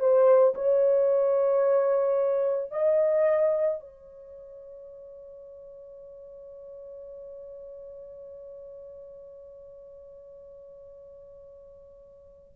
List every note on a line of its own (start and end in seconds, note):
0.00 0.55 C5
0.55 2.72 C#5
2.72 3.81 D#5
3.81 12.54 C#5